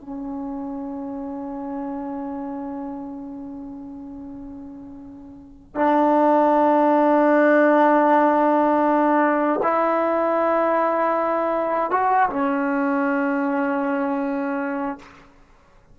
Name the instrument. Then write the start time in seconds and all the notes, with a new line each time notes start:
trombone
0.00 C#4
5.75 D4
9.63 E4
11.91 F#4
12.29 C#4